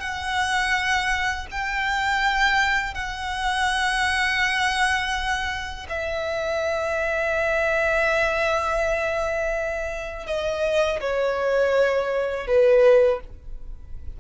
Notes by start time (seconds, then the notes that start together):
0.00 F#5
1.51 G5
2.94 F#5
5.89 E5
10.27 D#5
11.01 C#5
12.47 B4